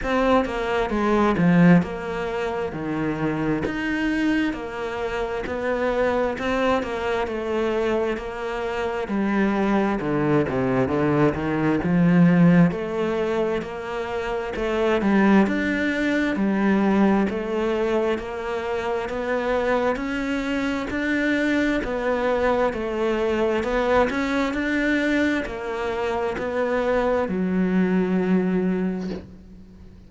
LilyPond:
\new Staff \with { instrumentName = "cello" } { \time 4/4 \tempo 4 = 66 c'8 ais8 gis8 f8 ais4 dis4 | dis'4 ais4 b4 c'8 ais8 | a4 ais4 g4 d8 c8 | d8 dis8 f4 a4 ais4 |
a8 g8 d'4 g4 a4 | ais4 b4 cis'4 d'4 | b4 a4 b8 cis'8 d'4 | ais4 b4 fis2 | }